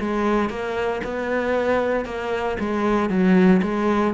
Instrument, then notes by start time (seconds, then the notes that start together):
cello
0.00 G#3
0.50 A#3
1.04 B3
2.05 A#3
2.60 G#3
3.09 F#3
3.63 G#3